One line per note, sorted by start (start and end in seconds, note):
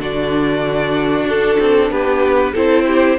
0.00 1.26 D3
0.00 2.56 D4
0.00 1.91 F#4
0.00 1.29 D5
1.26 1.57 D4
1.26 1.92 A4
1.60 1.91 C4
1.91 2.55 B3
1.91 2.53 G4
1.91 2.56 B4
2.53 3.19 C4
2.53 3.19 E4
2.53 2.85 A4
2.53 3.19 C5
2.87 3.19 G4